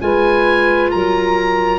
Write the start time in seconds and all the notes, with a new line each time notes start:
0.00 G#3 F4 B4 G#5
0.91 F#3 A#4 A#5